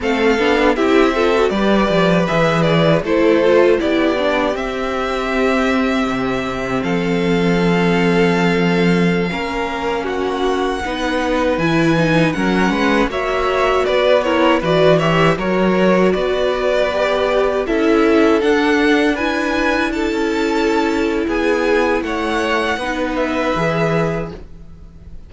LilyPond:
<<
  \new Staff \with { instrumentName = "violin" } { \time 4/4 \tempo 4 = 79 f''4 e''4 d''4 e''8 d''8 | c''4 d''4 e''2~ | e''4 f''2.~ | f''4~ f''16 fis''2 gis''8.~ |
gis''16 fis''4 e''4 d''8 cis''8 d''8 e''16~ | e''16 cis''4 d''2 e''8.~ | e''16 fis''4 gis''4 a''4.~ a''16 | gis''4 fis''4. e''4. | }
  \new Staff \with { instrumentName = "violin" } { \time 4/4 a'4 g'8 a'8 b'2 | a'4 g'2.~ | g'4 a'2.~ | a'16 ais'4 fis'4 b'4.~ b'16~ |
b'16 ais'8 b'8 cis''4 b'8 ais'8 b'8 cis''16~ | cis''16 ais'4 b'2 a'8.~ | a'4~ a'16 b'4 a'4.~ a'16 | gis'4 cis''4 b'2 | }
  \new Staff \with { instrumentName = "viola" } { \time 4/4 c'8 d'8 e'8 f'16 fis'16 g'4 gis'4 | e'8 f'8 e'8 d'8 c'2~ | c'1~ | c'16 cis'2 dis'4 e'8 dis'16~ |
dis'16 cis'4 fis'4. e'8 fis'8 g'16~ | g'16 fis'2 g'4 e'8.~ | e'16 d'4 e'2~ e'8.~ | e'2 dis'4 gis'4 | }
  \new Staff \with { instrumentName = "cello" } { \time 4/4 a8 b8 c'4 g8 f8 e4 | a4 b4 c'2 | c4 f2.~ | f16 ais2 b4 e8.~ |
e16 fis8 gis8 ais4 b4 e8.~ | e16 fis4 b2 cis'8.~ | cis'16 d'2~ d'16 cis'4. | b4 a4 b4 e4 | }
>>